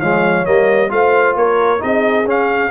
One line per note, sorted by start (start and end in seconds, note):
0.00 0.47 F3
0.00 0.45 G#3
0.00 0.90 C#5
0.00 0.46 F5
0.45 0.92 G3
0.45 0.89 A#3
0.45 0.91 D#5
0.89 1.36 A3
0.89 1.80 F4
0.89 1.38 C5
0.89 1.36 F5
1.36 1.81 A#3
1.36 1.81 A#4
1.36 1.82 C#5
1.80 2.25 C4
1.80 2.25 D#4
1.80 2.71 G#4
1.80 2.27 D#5
2.25 2.70 C#4
2.25 2.72 C#4
2.25 2.72 F5